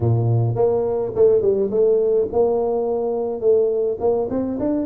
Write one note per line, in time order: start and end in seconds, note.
0.00 0.55 A#2
0.55 1.12 A#3
1.15 1.41 A3
1.41 1.70 G3
1.70 2.27 A3
2.32 3.40 A#3
3.40 3.97 A3
3.99 4.28 A#3
4.29 4.58 C4
4.59 4.86 D4